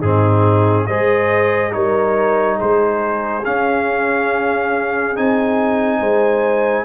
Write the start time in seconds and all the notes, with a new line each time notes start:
0.00 G#2 C4 D#4 G#4
0.86 G#3 G#4 C5 D#5
1.71 G3 D#4 A#4 C#5
2.56 G#3 G#4 C5
3.45 C#4 F5
5.15 C4 D#4 G#5
5.99 G#3 C5